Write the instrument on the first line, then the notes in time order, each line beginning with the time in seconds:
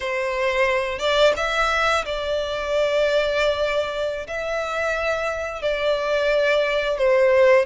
violin
0.00 C5
0.99 D5
1.36 E5
2.05 D5
4.27 E5
5.62 D5
6.97 C5